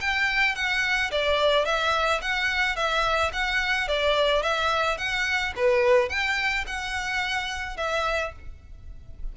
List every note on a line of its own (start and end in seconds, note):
0.00 0.55 G5
0.55 1.11 F#5
1.11 1.65 D5
1.65 2.21 E5
2.21 2.76 F#5
2.76 3.31 E5
3.33 3.88 F#5
3.88 4.42 D5
4.42 4.97 E5
4.97 5.53 F#5
5.56 6.09 B4
6.09 6.65 G5
6.67 7.77 F#5
7.77 8.32 E5